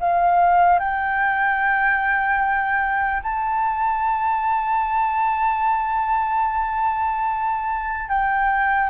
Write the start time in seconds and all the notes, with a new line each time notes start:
0.00 F5
0.80 G5
3.23 A5
8.09 G5